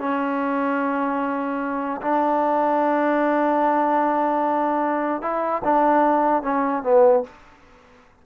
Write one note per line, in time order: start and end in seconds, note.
0.00 2.01 C#4
2.02 5.22 D4
5.22 5.62 E4
5.65 6.43 D4
6.43 6.83 C#4
6.83 7.24 B3